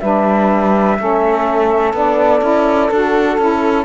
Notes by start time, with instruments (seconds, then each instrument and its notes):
0.00 cello G3, saxophone D4 B4, flute E5
0.99 cello A3, saxophone C#4 A4
1.94 cello B3, saxophone D4, flute D5
2.41 cello C#4, saxophone E4
2.90 cello D4, saxophone F#4, flute A4
3.38 cello C#4, saxophone E4